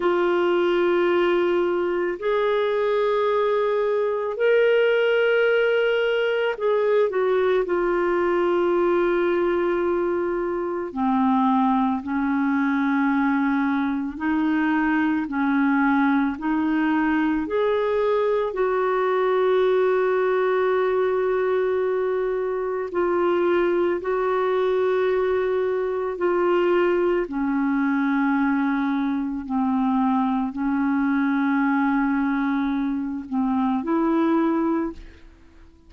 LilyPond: \new Staff \with { instrumentName = "clarinet" } { \time 4/4 \tempo 4 = 55 f'2 gis'2 | ais'2 gis'8 fis'8 f'4~ | f'2 c'4 cis'4~ | cis'4 dis'4 cis'4 dis'4 |
gis'4 fis'2.~ | fis'4 f'4 fis'2 | f'4 cis'2 c'4 | cis'2~ cis'8 c'8 e'4 | }